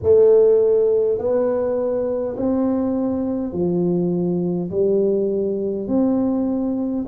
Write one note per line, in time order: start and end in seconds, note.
0.02 1.18 A3
1.18 2.35 B3
2.36 3.52 C4
3.52 4.70 F3
4.71 5.87 G3
5.87 7.05 C4